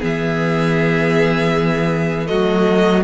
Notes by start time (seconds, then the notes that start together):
0.00 E3 B3 G#4 E5
2.27 F#3 A3 F#4 D#5